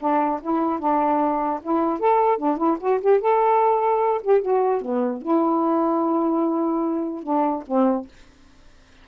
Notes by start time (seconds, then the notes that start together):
0.00 D4
0.42 E4
0.80 D4
1.63 E4
2.00 A4
2.38 D4
2.58 E4
2.80 F#4
3.01 G4
3.21 A4
4.23 G4
4.42 F#4
4.82 B3
5.22 E4
7.23 D4
7.67 C4